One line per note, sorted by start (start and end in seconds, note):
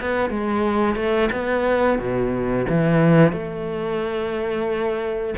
0.00 0.30 B3
0.30 0.96 G#3
0.96 1.29 A3
1.32 1.99 B3
1.99 2.66 B2
2.68 3.32 E3
3.32 5.34 A3